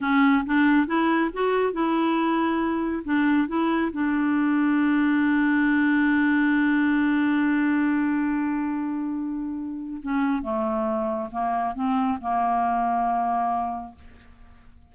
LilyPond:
\new Staff \with { instrumentName = "clarinet" } { \time 4/4 \tempo 4 = 138 cis'4 d'4 e'4 fis'4 | e'2. d'4 | e'4 d'2.~ | d'1~ |
d'1~ | d'2. cis'4 | a2 ais4 c'4 | ais1 | }